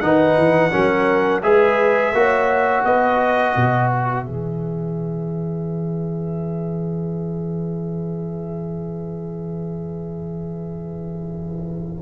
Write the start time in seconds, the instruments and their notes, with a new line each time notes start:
0.00 tuba D#3, trombone D#4, horn B4, trumpet F#5
0.37 tuba E3
0.71 tuba F#3, trombone C#4, horn A#4
1.42 tuba G#3, trombone G#4, horn B4, trumpet E5
2.13 tuba A#3, trombone F#4, horn C#5
2.85 tuba B3, horn B4, trumpet D#5
3.56 tuba B2
3.89 trumpet E5
4.25 tuba E3, trombone G#4